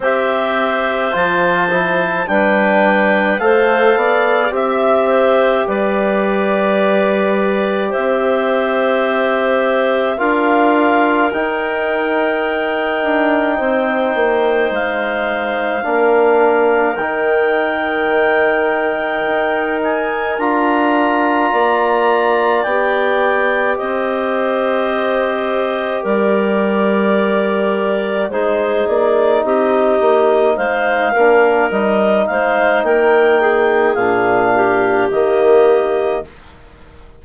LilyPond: <<
  \new Staff \with { instrumentName = "clarinet" } { \time 4/4 \tempo 4 = 53 e''4 a''4 g''4 f''4 | e''4 d''2 e''4~ | e''4 f''4 g''2~ | g''4 f''2 g''4~ |
g''4. gis''8 ais''2 | g''4 dis''2 d''4~ | d''4 c''8 d''8 dis''4 f''4 | dis''8 f''8 g''4 f''4 dis''4 | }
  \new Staff \with { instrumentName = "clarinet" } { \time 4/4 c''2 b'4 c''8 d''8 | e''8 c''8 b'2 c''4~ | c''4 ais'2. | c''2 ais'2~ |
ais'2. d''4~ | d''4 c''2 ais'4~ | ais'4 gis'4 g'4 c''8 ais'8~ | ais'8 c''8 ais'8 gis'4 g'4. | }
  \new Staff \with { instrumentName = "trombone" } { \time 4/4 g'4 f'8 e'8 d'4 a'4 | g'1~ | g'4 f'4 dis'2~ | dis'2 d'4 dis'4~ |
dis'2 f'2 | g'1~ | g'4 dis'2~ dis'8 d'8 | dis'2 d'4 ais4 | }
  \new Staff \with { instrumentName = "bassoon" } { \time 4/4 c'4 f4 g4 a8 b8 | c'4 g2 c'4~ | c'4 d'4 dis'4. d'8 | c'8 ais8 gis4 ais4 dis4~ |
dis4 dis'4 d'4 ais4 | b4 c'2 g4~ | g4 gis8 ais8 c'8 ais8 gis8 ais8 | g8 gis8 ais4 ais,4 dis4 | }
>>